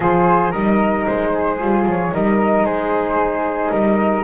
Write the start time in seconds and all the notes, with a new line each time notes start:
0.00 F3 F4 G#4 C5
0.50 G3 D#4 A#4 D#5
1.06 G#3 C5
1.33 G#4
1.58 G3 F4
1.86 F3 C#5
2.11 G3 D#4 A#4 D#5
2.63 G#3 G#4 C5
3.70 G3 A#4 D#5